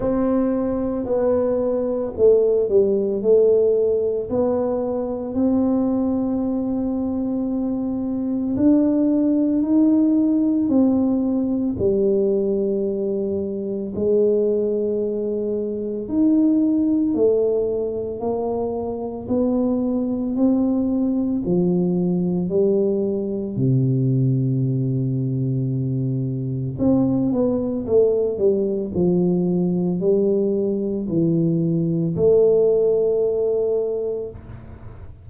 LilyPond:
\new Staff \with { instrumentName = "tuba" } { \time 4/4 \tempo 4 = 56 c'4 b4 a8 g8 a4 | b4 c'2. | d'4 dis'4 c'4 g4~ | g4 gis2 dis'4 |
a4 ais4 b4 c'4 | f4 g4 c2~ | c4 c'8 b8 a8 g8 f4 | g4 e4 a2 | }